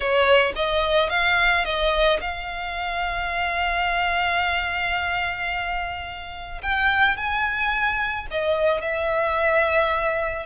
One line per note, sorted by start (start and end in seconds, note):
0.00 0.53 C#5
0.55 1.09 D#5
1.09 1.64 F5
1.65 2.20 D#5
2.20 6.61 F5
6.62 7.16 G5
7.16 8.26 G#5
8.30 8.81 D#5
8.81 10.45 E5